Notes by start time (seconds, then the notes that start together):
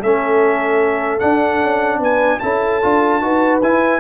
0.00 A3 C#4 A4 E5
1.20 D4 F#5
1.62 C#4
2.00 B3 B4 G#5
2.40 C#4 E4 A4 A5
2.83 D4 F4
3.22 D#4 F#4 B4
3.63 E4 G#5